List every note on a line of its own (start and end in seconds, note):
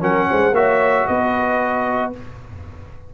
0.00 0.28 F#3
0.00 0.53 C#4
0.00 0.28 A#4
0.00 0.55 F#5
0.29 0.52 G#3
0.29 0.55 C5
0.52 1.04 A#3
0.52 2.13 F#4
0.52 1.07 C#5
0.52 1.07 E5
1.07 2.14 B3
1.07 2.12 B4
1.07 2.12 D#5